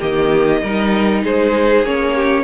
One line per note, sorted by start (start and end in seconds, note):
0.00 0.63 D#3
0.00 0.62 A#3
0.00 0.61 G4
0.00 1.24 D#5
0.62 1.23 G3
0.62 1.85 D#4
0.62 1.23 A#4
1.23 1.83 G#3
1.23 2.16 G#4
1.23 1.86 C5
1.83 2.43 A#3
1.83 2.43 C#4
1.83 2.43 C#5
2.16 2.43 G4